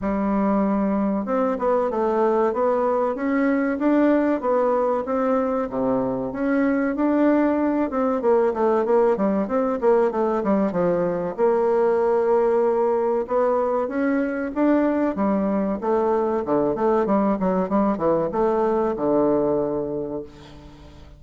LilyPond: \new Staff \with { instrumentName = "bassoon" } { \time 4/4 \tempo 4 = 95 g2 c'8 b8 a4 | b4 cis'4 d'4 b4 | c'4 c4 cis'4 d'4~ | d'8 c'8 ais8 a8 ais8 g8 c'8 ais8 |
a8 g8 f4 ais2~ | ais4 b4 cis'4 d'4 | g4 a4 d8 a8 g8 fis8 | g8 e8 a4 d2 | }